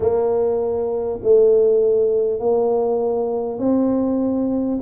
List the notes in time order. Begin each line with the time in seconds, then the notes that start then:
0.00 A#3
1.23 A3
2.39 A#3
3.58 C4